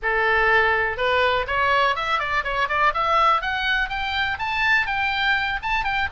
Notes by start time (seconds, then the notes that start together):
0.02 A4
0.97 B4
1.47 C#5
1.95 E5
2.19 D5
2.44 C#5
2.68 D5
2.94 E5
3.41 F#5
3.89 G5
4.38 A5
4.86 G5
5.62 A5
5.84 G5